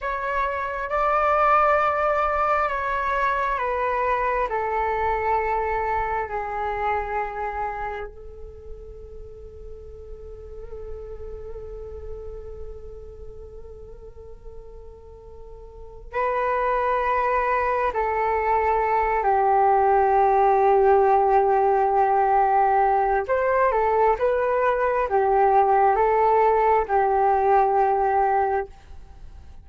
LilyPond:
\new Staff \with { instrumentName = "flute" } { \time 4/4 \tempo 4 = 67 cis''4 d''2 cis''4 | b'4 a'2 gis'4~ | gis'4 a'2.~ | a'1~ |
a'2 b'2 | a'4. g'2~ g'8~ | g'2 c''8 a'8 b'4 | g'4 a'4 g'2 | }